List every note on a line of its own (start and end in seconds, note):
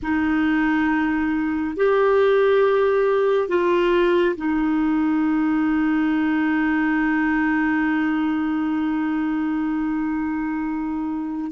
0.02 1.76 D#4
1.76 3.48 G4
3.48 4.35 F4
4.36 11.51 D#4